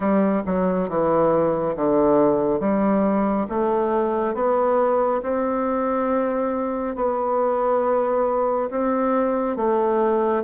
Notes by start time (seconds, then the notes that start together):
0.00 G3
0.45 F#3
0.88 E3
1.75 D3
2.59 G3
3.49 A3
4.34 B3
5.22 C4
6.95 B3
8.70 C4
9.56 A3